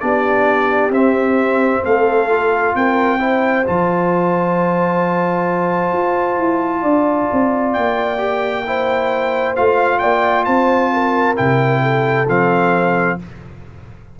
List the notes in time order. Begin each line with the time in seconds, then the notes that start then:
0.00 B3 D4 G4 D5
0.90 C4 E5
1.83 A3 A4 F5
2.29 F4
2.75 C4 A#4 G5
3.19 E4 C5
3.66 F3 F4 A5
5.92 F4
6.37 E4
6.81 D4 D5
7.32 C4
7.73 A#3 G5
8.18 G4
8.66 E4 C5
9.56 A3 F4 F5
9.99 A#3 D5 G5
10.45 C4 C5 A5
10.93 A#4
11.36 C3 E4 G5
11.83 A4
12.28 F3 C4 F5